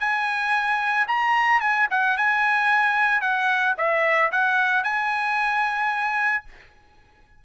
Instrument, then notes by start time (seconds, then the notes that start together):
trumpet
0.00 G#5
1.08 A#5
1.60 G#5
1.90 F#5
2.17 G#5
3.21 F#5
3.78 E5
4.31 F#5
4.84 G#5